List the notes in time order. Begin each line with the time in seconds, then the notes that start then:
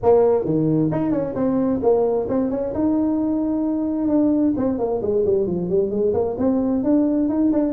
0.02 A#3
0.44 D#3
0.91 D#4
1.11 C#4
1.35 C4
1.82 A#3
2.28 C4
2.50 C#4
2.74 D#4
4.08 D4
4.56 C4
4.78 A#3
5.02 G#3
5.25 G3
5.46 F3
5.69 G3
5.90 G#3
6.13 A#3
6.38 C4
6.83 D4
7.28 D#4
7.52 D4